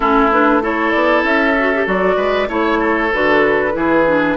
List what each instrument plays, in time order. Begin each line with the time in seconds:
0.00 bassoon A3, clarinet C#4, oboe E4, flute A4
0.31 clarinet D4, flute B4
0.62 clarinet E4, oboe A4, flute C#5
0.91 bassoon B3, flute D5
1.23 bassoon C#4, flute E5
1.58 clarinet F#4
1.74 clarinet G4
1.86 bassoon F#3, clarinet F#4, flute D5
2.16 bassoon G#3, oboe B4
2.47 bassoon A3, clarinet E4, oboe C#5, flute C#5
2.79 oboe A4
3.13 bassoon D3, clarinet F#4, flute B4
3.71 bassoon E3, clarinet E4, oboe G#4
4.07 clarinet D4